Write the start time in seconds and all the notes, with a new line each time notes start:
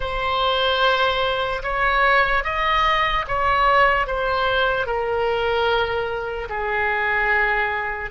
0.00 C5
1.63 C#5
2.44 D#5
3.27 C#5
4.07 C5
4.86 A#4
6.49 G#4